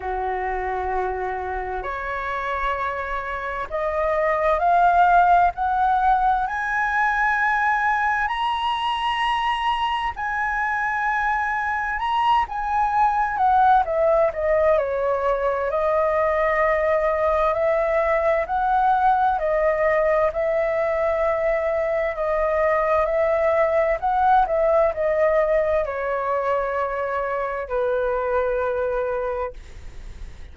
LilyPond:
\new Staff \with { instrumentName = "flute" } { \time 4/4 \tempo 4 = 65 fis'2 cis''2 | dis''4 f''4 fis''4 gis''4~ | gis''4 ais''2 gis''4~ | gis''4 ais''8 gis''4 fis''8 e''8 dis''8 |
cis''4 dis''2 e''4 | fis''4 dis''4 e''2 | dis''4 e''4 fis''8 e''8 dis''4 | cis''2 b'2 | }